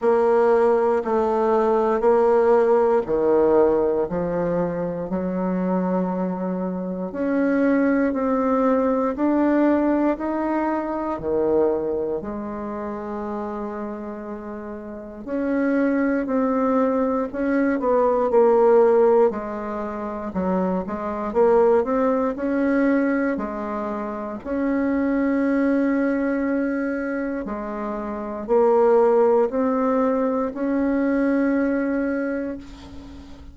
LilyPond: \new Staff \with { instrumentName = "bassoon" } { \time 4/4 \tempo 4 = 59 ais4 a4 ais4 dis4 | f4 fis2 cis'4 | c'4 d'4 dis'4 dis4 | gis2. cis'4 |
c'4 cis'8 b8 ais4 gis4 | fis8 gis8 ais8 c'8 cis'4 gis4 | cis'2. gis4 | ais4 c'4 cis'2 | }